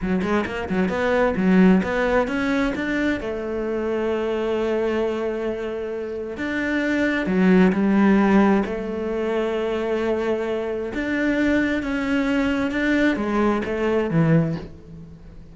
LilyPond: \new Staff \with { instrumentName = "cello" } { \time 4/4 \tempo 4 = 132 fis8 gis8 ais8 fis8 b4 fis4 | b4 cis'4 d'4 a4~ | a1~ | a2 d'2 |
fis4 g2 a4~ | a1 | d'2 cis'2 | d'4 gis4 a4 e4 | }